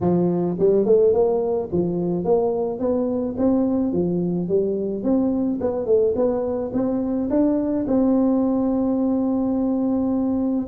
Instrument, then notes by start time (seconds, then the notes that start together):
tuba
0.00 F3
0.59 G3
0.85 A3
1.13 A#3
1.72 F3
2.24 A#3
2.79 B3
3.37 C4
3.92 F3
4.48 G3
5.03 C4
5.60 B3
5.86 A3
6.15 B3
6.73 C4
7.30 D4
7.87 C4